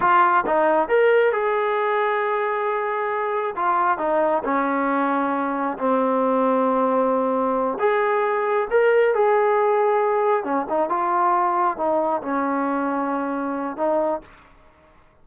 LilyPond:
\new Staff \with { instrumentName = "trombone" } { \time 4/4 \tempo 4 = 135 f'4 dis'4 ais'4 gis'4~ | gis'1 | f'4 dis'4 cis'2~ | cis'4 c'2.~ |
c'4. gis'2 ais'8~ | ais'8 gis'2. cis'8 | dis'8 f'2 dis'4 cis'8~ | cis'2. dis'4 | }